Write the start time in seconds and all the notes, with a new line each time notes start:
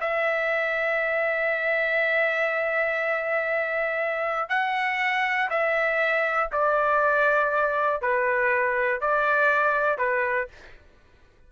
0.00 E5
4.49 F#5
5.50 E5
6.52 D5
8.01 B4
9.00 D5
9.98 B4